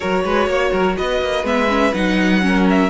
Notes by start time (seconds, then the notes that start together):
0.00 F#3 F#4 A#4 C#5
0.24 G#3 B4
0.46 A#3 C#5
0.71 F#3 A#4
0.97 B3 B4 D#5
1.21 A#3
1.43 G#3 B3 E5
1.69 C#4
1.93 F#3 D#4 F#5
2.41 C#4 A#4
2.69 E5